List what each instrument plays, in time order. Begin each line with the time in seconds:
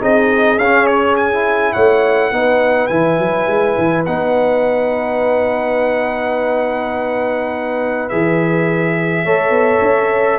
0.00 tuba C4, trombone D#4, horn G#4, trumpet D#5
0.57 tuba C#4, trumpet F5
0.64 trombone C#4
0.87 trumpet C#5
1.16 trumpet G#5
1.33 trombone E4
1.73 tuba A3, horn C#5, trumpet F#5
2.31 tuba B3, trombone D#4, horn B4
2.87 tuba E3, trombone E4, trumpet G#5
3.19 tuba F#3
3.47 tuba G#3
3.78 tuba E3
4.06 tuba B3, trombone D#4, trumpet F#5
8.09 tuba E3, trombone G#4, trumpet E5
9.25 tuba A3, trombone A4, horn C#5
9.50 tuba B3
9.82 tuba C#4